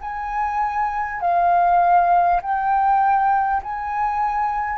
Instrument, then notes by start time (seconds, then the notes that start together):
flute
0.00 G#5
1.21 F5
2.42 G5
3.62 G#5